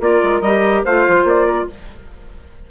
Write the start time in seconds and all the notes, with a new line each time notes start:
0.00 A#3 F4 A#4 D5
0.23 G#3
0.41 G3 G4 D#5
0.84 A3 F4 C5 F5
1.07 F3
1.24 A#3 D5
1.46 A#4